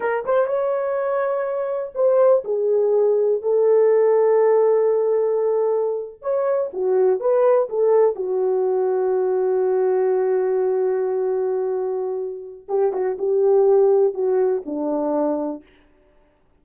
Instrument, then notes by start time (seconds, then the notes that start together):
horn
0.00 A#4
0.25 C5
0.46 C#5
1.94 C5
2.44 G#4
3.42 A4
6.22 C#5
6.73 F#4
7.20 B4
7.69 A4
8.15 F#4
12.68 G4
12.92 F#4
13.18 G4
14.14 F#4
14.65 D4